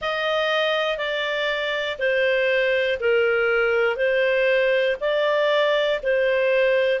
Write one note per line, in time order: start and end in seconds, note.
0.01 0.97 D#5
0.97 1.97 D5
1.98 2.98 C5
3.00 3.96 A#4
3.96 4.96 C5
5.00 6.00 D5
6.02 7.00 C5